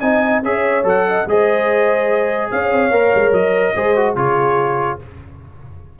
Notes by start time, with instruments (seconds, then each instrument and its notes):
0.00 tuba C4, trombone D#4, horn D#5, trumpet G#5
0.43 tuba C#4, trombone G#4, horn C#5, trumpet E5
0.84 tuba F#3, trombone A4, trumpet F#5
1.08 horn D#5
1.26 tuba G#3, trombone G#4, horn C5, trumpet D#5
2.51 tuba C#4, horn C#5, trumpet F5
2.72 tuba C4
2.91 tuba A#3, trombone A#4
3.15 tuba G#3
3.32 tuba F#3, trumpet D#5
3.75 tuba G#3, trombone G#4, horn C5
3.96 trombone F#4
4.16 tuba C#3, trombone F4, horn G#4, trumpet C#5